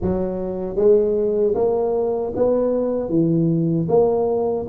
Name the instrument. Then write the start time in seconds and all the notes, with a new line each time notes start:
tuba
0.01 F#3
0.76 G#3
1.54 A#3
2.35 B3
3.09 E3
3.88 A#3